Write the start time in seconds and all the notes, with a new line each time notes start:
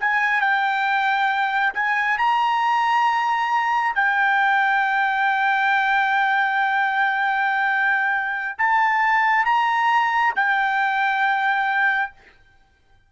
0.00 G#5
0.41 G5
1.74 G#5
2.18 A#5
3.95 G5
8.59 A5
9.45 A#5
10.36 G5